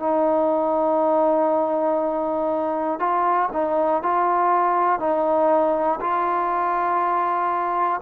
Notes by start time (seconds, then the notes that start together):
0.00 D#4
3.00 F4
3.53 D#4
4.03 F4
5.00 D#4
6.01 F4